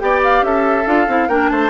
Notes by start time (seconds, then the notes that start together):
0.00 B3 G4 D5 G5
0.24 F5
0.43 C#4 A4 E5
0.86 D4 F4 F5
1.08 C4 E4
1.29 A#3 D4 A#4 G5
1.50 A3 C5 A5